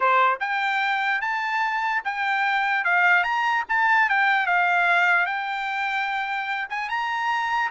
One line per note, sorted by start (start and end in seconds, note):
0.00 0.39 C5
0.40 1.21 G5
1.21 2.02 A5
2.04 2.84 G5
2.84 3.23 F5
3.23 3.64 A#5
3.68 4.09 A5
4.09 4.46 G5
4.46 5.26 F5
5.26 6.67 G5
6.69 6.89 G#5
6.89 7.70 A#5